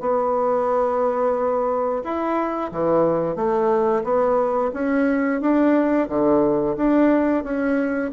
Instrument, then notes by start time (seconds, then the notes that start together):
bassoon
0.00 B3
2.03 E4
2.71 E3
3.35 A3
4.04 B3
4.73 C#4
5.41 D4
6.08 D3
6.76 D4
7.43 C#4